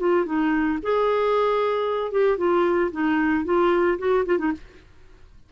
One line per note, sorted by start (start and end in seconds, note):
0.00 0.26 F4
0.26 0.79 D#4
0.83 2.12 G#4
2.12 2.38 G4
2.38 2.91 F4
2.92 3.45 D#4
3.45 3.98 F4
3.99 4.25 F#4
4.26 4.39 F4
4.39 4.52 D#4